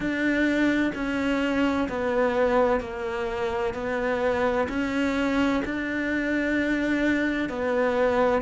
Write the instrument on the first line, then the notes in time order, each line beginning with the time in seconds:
cello
0.00 D4
0.94 C#4
1.88 B3
2.80 A#3
3.73 B3
4.69 C#4
5.64 D4
7.49 B3